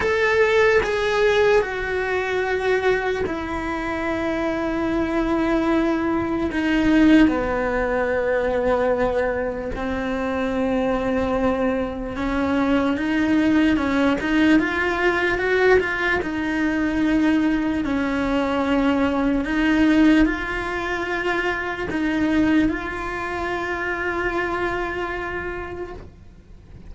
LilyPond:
\new Staff \with { instrumentName = "cello" } { \time 4/4 \tempo 4 = 74 a'4 gis'4 fis'2 | e'1 | dis'4 b2. | c'2. cis'4 |
dis'4 cis'8 dis'8 f'4 fis'8 f'8 | dis'2 cis'2 | dis'4 f'2 dis'4 | f'1 | }